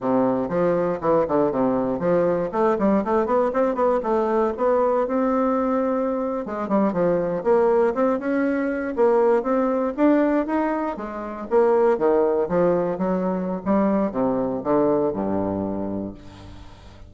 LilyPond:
\new Staff \with { instrumentName = "bassoon" } { \time 4/4 \tempo 4 = 119 c4 f4 e8 d8 c4 | f4 a8 g8 a8 b8 c'8 b8 | a4 b4 c'2~ | c'8. gis8 g8 f4 ais4 c'16~ |
c'16 cis'4. ais4 c'4 d'16~ | d'8. dis'4 gis4 ais4 dis16~ | dis8. f4 fis4~ fis16 g4 | c4 d4 g,2 | }